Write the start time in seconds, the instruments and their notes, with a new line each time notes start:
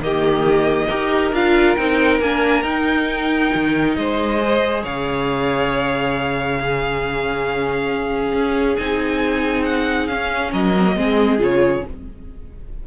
0.00 cello D#3, viola A#3, violin G4 D#5
0.88 cello D#4, viola G4, violin A#4
1.33 cello D4, viola F4, violin F5
1.76 cello C4, viola D#4, violin G5
2.20 cello A#3, viola D4, violin G#5
2.63 cello D#4, viola D#4, violin G5
3.55 cello D#3
3.96 cello G#3, violin C5 D#5
4.40 viola G#4
4.84 cello C#3, violin C#5 F5
6.61 viola C#4, violin G#4
8.33 cello C#4
8.77 cello C4, viola D#4, violin G#5
9.65 violin F#5
10.07 cello C#4, viola C#4, violin F5
10.52 cello F#3, violin A#4 D#5
10.79 viola C4
10.87 viola A#3
10.97 cello G#3, viola C4, violin G#4
11.39 cello C#3, viola F4, violin C#5